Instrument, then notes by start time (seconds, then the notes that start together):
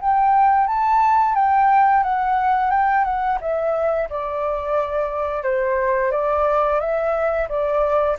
flute
0.00 G5
0.67 A5
1.35 G5
2.03 F#5
2.70 G5
3.04 F#5
3.40 E5
4.09 D5
5.43 C5
6.11 D5
6.80 E5
7.48 D5